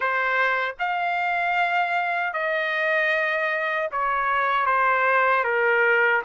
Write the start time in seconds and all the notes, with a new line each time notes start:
0.00 C5
0.79 F5
2.33 D#5
3.91 C#5
4.66 C5
5.44 A#4